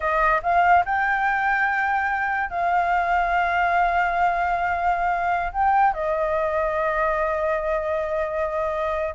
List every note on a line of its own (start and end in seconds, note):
0.00 0.41 D#5
0.42 0.84 F5
0.85 2.49 G5
2.49 5.52 F5
5.52 5.93 G5
5.93 9.14 D#5